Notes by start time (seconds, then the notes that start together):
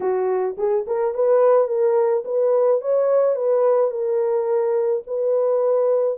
0.00 F#4
0.57 G#4
0.86 A#4
1.14 B4
1.67 A#4
2.25 B4
2.81 C#5
3.35 B4
3.90 A#4
5.06 B4